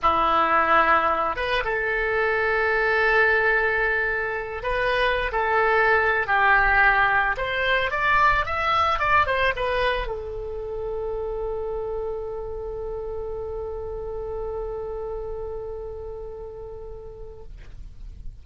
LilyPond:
\new Staff \with { instrumentName = "oboe" } { \time 4/4 \tempo 4 = 110 e'2~ e'8 b'8 a'4~ | a'1~ | a'8 b'4~ b'16 a'4.~ a'16 g'8~ | g'4. c''4 d''4 e''8~ |
e''8 d''8 c''8 b'4 a'4.~ | a'1~ | a'1~ | a'1 | }